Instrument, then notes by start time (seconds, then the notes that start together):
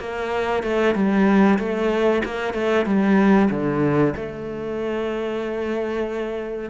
cello
0.00 A#3
0.63 A3
0.95 G3
1.59 A3
2.25 A#3
2.54 A3
2.86 G3
3.51 D3
4.17 A3